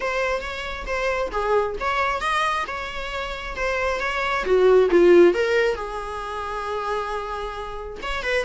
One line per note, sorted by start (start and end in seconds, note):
0.00 0.41 C5
0.41 0.85 C#5
0.86 1.31 C5
1.31 1.75 G#4
1.80 2.21 C#5
2.21 2.65 D#5
2.67 3.56 C#5
3.56 4.00 C5
4.00 4.44 C#5
4.44 4.89 F#4
4.90 5.34 F4
5.34 5.75 A#4
5.75 7.97 G#4
8.02 8.22 C#5
8.22 8.44 B4